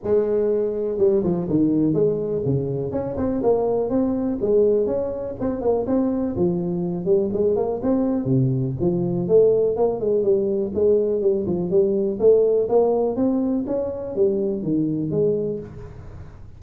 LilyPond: \new Staff \with { instrumentName = "tuba" } { \time 4/4 \tempo 4 = 123 gis2 g8 f8 dis4 | gis4 cis4 cis'8 c'8 ais4 | c'4 gis4 cis'4 c'8 ais8 | c'4 f4. g8 gis8 ais8 |
c'4 c4 f4 a4 | ais8 gis8 g4 gis4 g8 f8 | g4 a4 ais4 c'4 | cis'4 g4 dis4 gis4 | }